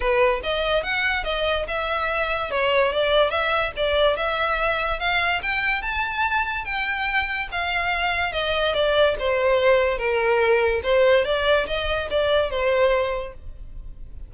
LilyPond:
\new Staff \with { instrumentName = "violin" } { \time 4/4 \tempo 4 = 144 b'4 dis''4 fis''4 dis''4 | e''2 cis''4 d''4 | e''4 d''4 e''2 | f''4 g''4 a''2 |
g''2 f''2 | dis''4 d''4 c''2 | ais'2 c''4 d''4 | dis''4 d''4 c''2 | }